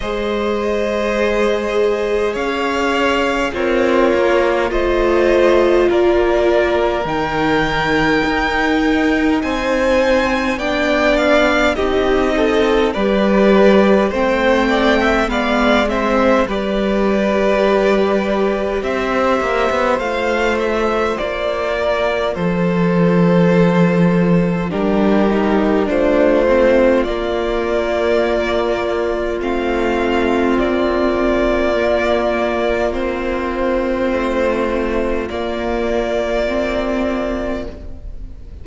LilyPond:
<<
  \new Staff \with { instrumentName = "violin" } { \time 4/4 \tempo 4 = 51 dis''2 f''4 cis''4 | dis''4 d''4 g''2 | gis''4 g''8 f''8 dis''4 d''4 | g''4 f''8 e''8 d''2 |
e''4 f''8 e''8 d''4 c''4~ | c''4 ais'4 c''4 d''4~ | d''4 f''4 d''2 | c''2 d''2 | }
  \new Staff \with { instrumentName = "violin" } { \time 4/4 c''2 cis''4 f'4 | c''4 ais'2. | c''4 d''4 g'8 a'8 b'4 | c''8 d''16 e''16 d''8 c''8 b'2 |
c''2~ c''8 ais'8 a'4~ | a'4 g'4 f'2~ | f'1~ | f'1 | }
  \new Staff \with { instrumentName = "viola" } { \time 4/4 gis'2. ais'4 | f'2 dis'2~ | dis'4 d'4 dis'4 g'4 | c'4 b8 c'8 g'2~ |
g'4 f'2.~ | f'4 d'8 dis'8 d'8 c'8 ais4~ | ais4 c'2 ais4 | c'2 ais4 c'4 | }
  \new Staff \with { instrumentName = "cello" } { \time 4/4 gis2 cis'4 c'8 ais8 | a4 ais4 dis4 dis'4 | c'4 b4 c'4 g4 | a4 gis4 g2 |
c'8 ais16 b16 a4 ais4 f4~ | f4 g4 a4 ais4~ | ais4 a4 ais2~ | ais4 a4 ais2 | }
>>